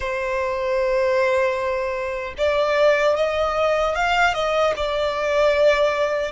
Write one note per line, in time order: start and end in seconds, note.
0.00 2.34 C5
2.37 3.16 D5
3.16 3.95 D#5
3.95 4.33 F5
4.33 4.73 D#5
4.76 6.31 D5